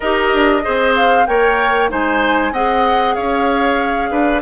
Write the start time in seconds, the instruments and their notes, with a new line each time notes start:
0.00 bassoon D#4, clarinet G4, oboe A#4, flute D#5
0.33 bassoon D4
0.62 bassoon C4, clarinet G#4, oboe C5
0.95 flute F5
1.26 bassoon A#3, clarinet A#4, oboe C#5, flute G5
1.89 bassoon G#3, clarinet D#4, oboe C5, flute G#5
2.51 bassoon C4, clarinet G#4, oboe D#5, flute F#5
3.14 bassoon C#4, oboe C#5, flute F5
4.10 bassoon D4, oboe B4